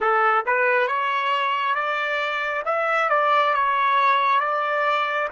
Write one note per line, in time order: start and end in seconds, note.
0.00 0.45 A4
0.46 0.87 B4
0.87 1.74 C#5
1.74 2.62 D5
2.65 3.09 E5
3.09 3.53 D5
3.53 4.40 C#5
4.40 5.28 D5